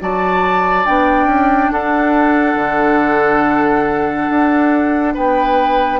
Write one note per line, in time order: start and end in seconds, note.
0.00 0.87 F#3
0.00 0.85 F#4
0.00 1.72 D5
0.00 0.86 A5
0.85 1.25 B3
0.85 5.99 D4
0.85 1.72 G5
1.25 1.68 C#4
1.72 2.55 D4
1.72 5.14 A4
1.72 5.15 F#5
2.55 4.27 D3
4.30 5.16 D4
5.14 6.00 B3
5.14 6.00 B4
5.14 6.00 G5